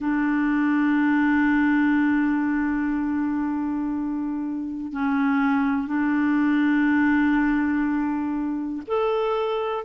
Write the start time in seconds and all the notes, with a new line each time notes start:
0.00 D4
4.92 C#4
5.87 D4
8.87 A4